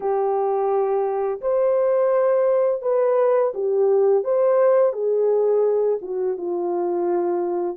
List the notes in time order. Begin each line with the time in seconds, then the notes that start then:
0.00 G4
1.41 C5
2.82 B4
3.54 G4
4.24 C5
4.93 G#4
6.01 F#4
6.37 F4